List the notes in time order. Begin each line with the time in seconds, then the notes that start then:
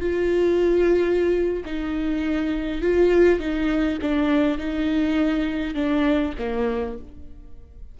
0.00 F4
1.65 D#4
2.82 F4
3.39 D#4
4.02 D4
4.58 D#4
5.74 D4
6.38 A#3